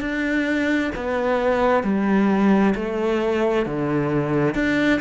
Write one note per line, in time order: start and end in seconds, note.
0.00 0.91 D4
0.95 1.83 B3
1.83 2.74 G3
2.75 3.66 A3
3.66 4.55 D3
4.55 5.00 D4